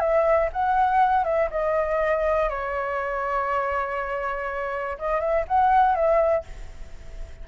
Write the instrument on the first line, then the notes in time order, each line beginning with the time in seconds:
flute
0.00 E5
0.53 F#5
1.24 E5
1.51 D#5
2.50 C#5
4.99 D#5
5.20 E5
5.48 F#5
5.95 E5